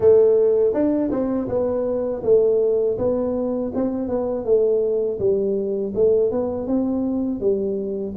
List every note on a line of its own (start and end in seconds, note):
0.00 0.73 A3
0.73 1.10 D4
1.11 1.48 C4
1.48 2.22 B3
2.23 2.97 A3
2.98 3.72 B3
3.74 4.08 C4
4.08 4.44 B3
4.44 5.19 A3
5.19 5.93 G3
5.95 6.31 A3
6.31 6.67 B3
6.67 7.40 C4
7.40 8.14 G3